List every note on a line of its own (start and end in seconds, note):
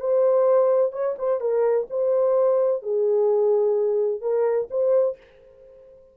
0.00 0.92 C5
0.92 1.15 C#5
1.18 1.40 C5
1.40 1.87 A#4
1.90 2.82 C5
2.82 4.21 G#4
4.21 4.68 A#4
4.70 5.17 C5